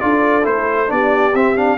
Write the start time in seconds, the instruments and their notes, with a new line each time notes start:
0.00 tuba D4, trombone F4, horn A4, trumpet D5
0.43 tuba A3, trombone E4, trumpet C5
0.87 tuba B3, trombone D4, horn G4, trumpet D5
1.34 tuba C4, trombone C4, trumpet E5
1.56 trombone D4, trumpet F5